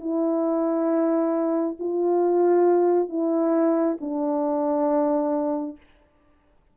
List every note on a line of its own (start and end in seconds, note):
0.00 1.76 E4
1.79 3.09 F4
3.09 3.97 E4
4.00 5.77 D4